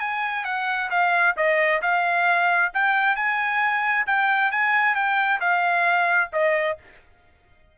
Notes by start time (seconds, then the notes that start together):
0.00 G#5
0.45 F#5
0.91 F5
1.37 D#5
1.82 F5
2.74 G5
3.16 G#5
4.07 G5
4.52 G#5
4.95 G5
5.41 F5
6.33 D#5